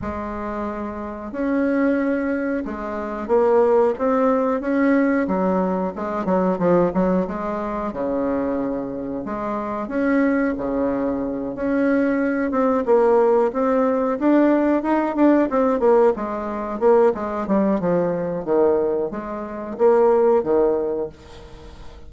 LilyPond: \new Staff \with { instrumentName = "bassoon" } { \time 4/4 \tempo 4 = 91 gis2 cis'2 | gis4 ais4 c'4 cis'4 | fis4 gis8 fis8 f8 fis8 gis4 | cis2 gis4 cis'4 |
cis4. cis'4. c'8 ais8~ | ais8 c'4 d'4 dis'8 d'8 c'8 | ais8 gis4 ais8 gis8 g8 f4 | dis4 gis4 ais4 dis4 | }